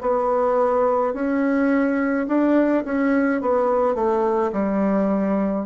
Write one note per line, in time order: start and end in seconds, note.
0.00 1.13 B3
1.13 2.26 C#4
2.27 2.84 D4
2.85 3.41 C#4
3.41 3.94 B3
3.94 4.51 A3
4.52 5.65 G3